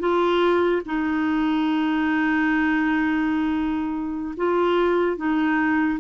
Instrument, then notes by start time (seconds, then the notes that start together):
clarinet
0.00 F4
0.86 D#4
4.37 F4
5.17 D#4